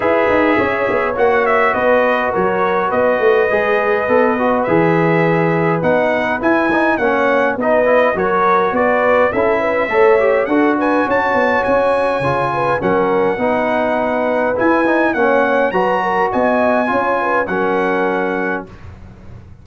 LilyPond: <<
  \new Staff \with { instrumentName = "trumpet" } { \time 4/4 \tempo 4 = 103 e''2 fis''8 e''8 dis''4 | cis''4 dis''2. | e''2 fis''4 gis''4 | fis''4 dis''4 cis''4 d''4 |
e''2 fis''8 gis''8 a''4 | gis''2 fis''2~ | fis''4 gis''4 fis''4 ais''4 | gis''2 fis''2 | }
  \new Staff \with { instrumentName = "horn" } { \time 4/4 b'4 cis''2 b'4 | ais'4 b'2.~ | b'1 | cis''4 b'4 ais'4 b'4 |
a'8 b'8 cis''4 a'8 b'8 cis''4~ | cis''4. b'8 ais'4 b'4~ | b'2 cis''4 b'8 ais'8 | dis''4 cis''8 b'8 ais'2 | }
  \new Staff \with { instrumentName = "trombone" } { \time 4/4 gis'2 fis'2~ | fis'2 gis'4 a'8 fis'8 | gis'2 dis'4 e'8 dis'8 | cis'4 dis'8 e'8 fis'2 |
e'4 a'8 g'8 fis'2~ | fis'4 f'4 cis'4 dis'4~ | dis'4 e'8 dis'8 cis'4 fis'4~ | fis'4 f'4 cis'2 | }
  \new Staff \with { instrumentName = "tuba" } { \time 4/4 e'8 dis'8 cis'8 b8 ais4 b4 | fis4 b8 a8 gis4 b4 | e2 b4 e'4 | ais4 b4 fis4 b4 |
cis'4 a4 d'4 cis'8 b8 | cis'4 cis4 fis4 b4~ | b4 e'4 ais4 fis4 | b4 cis'4 fis2 | }
>>